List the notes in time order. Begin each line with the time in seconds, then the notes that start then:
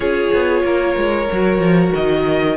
0.00 C#4 F4 G#4 C#5
0.33 B3
0.63 A#3 A#4
0.96 G#3
1.32 F#3 F#4
1.58 F3
1.94 D#3 D#5